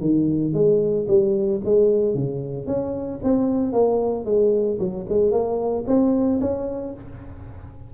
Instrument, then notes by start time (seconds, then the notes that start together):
tuba
0.00 D#3
0.53 G#3
1.08 G3
1.64 G#3
2.14 C#3
2.66 C#4
3.23 C4
3.72 A#3
4.25 G#3
4.79 F#3
5.09 G#3
5.31 A#3
5.86 C4
6.41 C#4